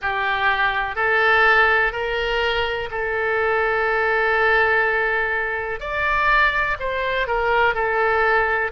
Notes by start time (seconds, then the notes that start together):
0.01 G4
0.95 A4
1.92 A#4
2.90 A4
5.80 D5
6.79 C5
7.27 A#4
7.74 A4